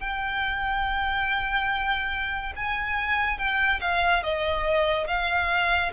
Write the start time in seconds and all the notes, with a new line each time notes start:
0.00 G5
2.57 G#5
3.38 G5
3.81 F5
4.23 D#5
5.07 F5